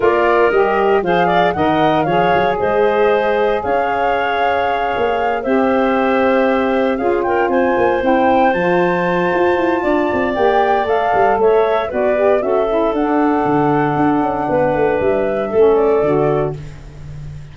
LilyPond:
<<
  \new Staff \with { instrumentName = "flute" } { \time 4/4 \tempo 4 = 116 d''4 dis''4 f''4 fis''4 | f''4 dis''2 f''4~ | f''2~ f''8 e''4.~ | e''4. f''8 g''8 gis''4 g''8~ |
g''8 a''2.~ a''8 | g''4 f''4 e''4 d''4 | e''4 fis''2.~ | fis''4 e''4. d''4. | }
  \new Staff \with { instrumentName = "clarinet" } { \time 4/4 ais'2 c''8 d''8 dis''4 | cis''4 c''2 cis''4~ | cis''2~ cis''8 c''4.~ | c''4. gis'8 ais'8 c''4.~ |
c''2. d''4~ | d''2 cis''4 b'4 | a'1 | b'2 a'2 | }
  \new Staff \with { instrumentName = "saxophone" } { \time 4/4 f'4 g'4 gis'4 ais'4 | gis'1~ | gis'2~ gis'8 g'4.~ | g'4. f'2 e'8~ |
e'8 f'2.~ f'8 | g'4 a'2 fis'8 g'8 | fis'8 e'8 d'2.~ | d'2 cis'4 fis'4 | }
  \new Staff \with { instrumentName = "tuba" } { \time 4/4 ais4 g4 f4 dis4 | f8 fis8 gis2 cis'4~ | cis'4. ais4 c'4.~ | c'4. cis'4 c'8 ais8 c'8~ |
c'8 f4. f'8 e'8 d'8 c'8 | ais4 a8 g8 a4 b4 | cis'4 d'4 d4 d'8 cis'8 | b8 a8 g4 a4 d4 | }
>>